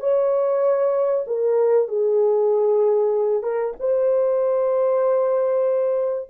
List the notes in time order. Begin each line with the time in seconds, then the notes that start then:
0.00 C#5
1.27 A#4
1.88 G#4
3.43 A#4
3.80 C5